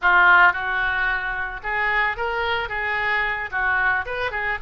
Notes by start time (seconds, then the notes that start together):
0.01 F4
0.53 F#4
1.63 G#4
2.16 A#4
2.69 G#4
3.51 F#4
4.05 B4
4.31 G#4